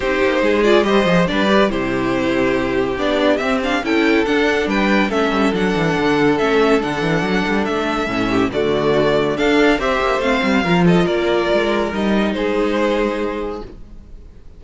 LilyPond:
<<
  \new Staff \with { instrumentName = "violin" } { \time 4/4 \tempo 4 = 141 c''4. d''8 dis''4 d''4 | c''2. d''4 | e''8 f''8 g''4 fis''4 g''4 | e''4 fis''2 e''4 |
fis''2 e''2 | d''2 f''4 e''4 | f''4. dis''8 d''2 | dis''4 c''2. | }
  \new Staff \with { instrumentName = "violin" } { \time 4/4 g'4 gis'4 c''4 b'4 | g'1~ | g'4 a'2 b'4 | a'1~ |
a'2.~ a'8 g'8 | fis'2 a'4 c''4~ | c''4 ais'8 a'8 ais'2~ | ais'4 gis'2. | }
  \new Staff \with { instrumentName = "viola" } { \time 4/4 dis'4. f'8 g'8 gis'8 d'8 g'8 | e'2. d'4 | c'8 d'8 e'4 d'2 | cis'4 d'2 cis'4 |
d'2. cis'4 | a2 d'4 g'4 | c'4 f'2. | dis'1 | }
  \new Staff \with { instrumentName = "cello" } { \time 4/4 c'8 ais8 gis4 g8 f8 g4 | c2. b4 | c'4 cis'4 d'4 g4 | a8 g8 fis8 e8 d4 a4 |
d8 e8 fis8 g8 a4 a,4 | d2 d'4 c'8 ais8 | a8 g8 f4 ais4 gis4 | g4 gis2. | }
>>